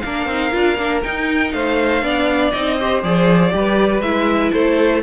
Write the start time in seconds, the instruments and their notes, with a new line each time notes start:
0.00 cello A#3, viola D4, violin A#4 F5
0.25 cello C4, viola D#4
0.51 cello D4, viola F4
0.77 cello A#3, viola D4
1.02 viola D#4, cello D#4, violin G5
1.52 cello A3, violin C5 F5
2.02 cello B3, viola D4, violin D5
2.51 cello C4, viola D#4, violin D#5
2.77 viola G4, violin C5
3.03 cello F3, viola G#4, violin D5
3.50 cello G3, viola G4, violin B4
4.01 cello G#3, viola E4, violin E5
4.52 cello A3, violin A4 C5